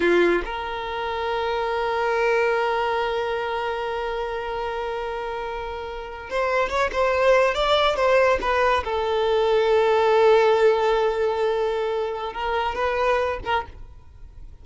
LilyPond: \new Staff \with { instrumentName = "violin" } { \time 4/4 \tempo 4 = 141 f'4 ais'2.~ | ais'1~ | ais'1~ | ais'2~ ais'8. c''4 cis''16~ |
cis''16 c''4. d''4 c''4 b'16~ | b'8. a'2.~ a'16~ | a'1~ | a'4 ais'4 b'4. ais'8 | }